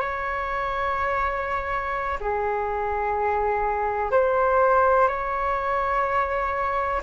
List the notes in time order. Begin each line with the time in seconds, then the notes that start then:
0.00 C#5
2.20 G#4
4.11 C5
5.08 C#5